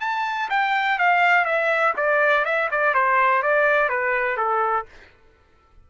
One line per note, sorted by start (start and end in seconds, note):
0.00 0.49 A5
0.49 0.98 G5
0.98 1.45 F5
1.45 1.94 E5
1.97 2.45 D5
2.45 2.69 E5
2.71 2.94 D5
2.94 3.42 C5
3.42 3.89 D5
3.89 4.37 B4
4.37 4.86 A4